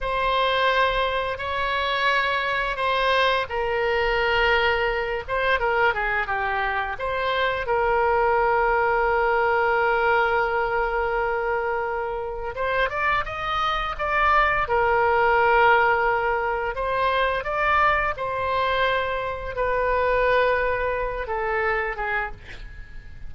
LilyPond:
\new Staff \with { instrumentName = "oboe" } { \time 4/4 \tempo 4 = 86 c''2 cis''2 | c''4 ais'2~ ais'8 c''8 | ais'8 gis'8 g'4 c''4 ais'4~ | ais'1~ |
ais'2 c''8 d''8 dis''4 | d''4 ais'2. | c''4 d''4 c''2 | b'2~ b'8 a'4 gis'8 | }